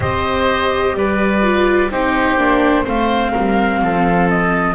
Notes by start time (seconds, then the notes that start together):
0.00 C4 G4 C5 D#5
0.94 G3 B4 D5
1.42 F4
1.90 C4 D#4 G4 C5
2.37 A#3 D4
2.84 A3 C4 C5 F5
3.32 G3 A#4
3.81 F3 A4
4.29 D#5